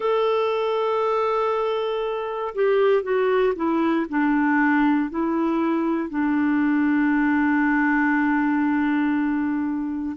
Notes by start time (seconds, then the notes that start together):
0.00 A4
2.54 G4
3.02 F#4
3.55 E4
4.09 D4
5.09 E4
6.09 D4